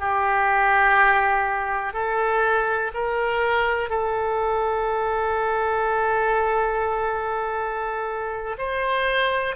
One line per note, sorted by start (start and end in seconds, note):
0.00 1.93 G4
1.93 2.92 A4
2.94 3.89 A#4
3.89 8.57 A4
8.58 9.56 C5